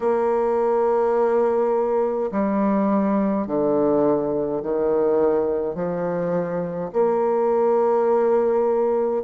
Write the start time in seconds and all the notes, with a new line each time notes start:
0.00 A#3
2.31 G3
3.46 D3
4.62 D#3
5.74 F3
6.92 A#3